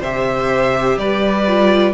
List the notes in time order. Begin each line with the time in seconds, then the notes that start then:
0.00 C3 G4 C5 E5
0.98 G3 B4 D5
1.48 F4